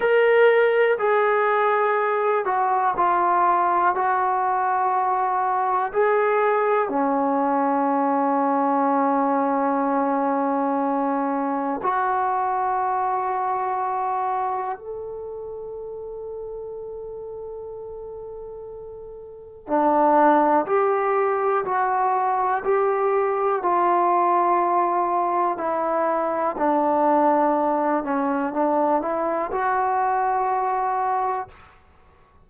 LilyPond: \new Staff \with { instrumentName = "trombone" } { \time 4/4 \tempo 4 = 61 ais'4 gis'4. fis'8 f'4 | fis'2 gis'4 cis'4~ | cis'1 | fis'2. a'4~ |
a'1 | d'4 g'4 fis'4 g'4 | f'2 e'4 d'4~ | d'8 cis'8 d'8 e'8 fis'2 | }